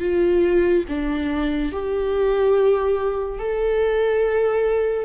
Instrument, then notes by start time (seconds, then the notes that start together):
viola
0.00 F4
0.89 D4
1.73 G4
3.39 A4